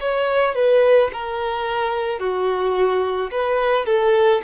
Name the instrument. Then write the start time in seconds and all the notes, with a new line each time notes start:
violin
0.00 C#5
0.55 B4
1.13 A#4
2.19 F#4
3.31 B4
3.86 A4